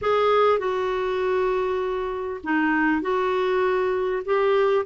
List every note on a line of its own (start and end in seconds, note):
0.01 0.58 G#4
0.58 2.40 F#4
2.43 3.01 D#4
3.01 4.23 F#4
4.25 4.85 G4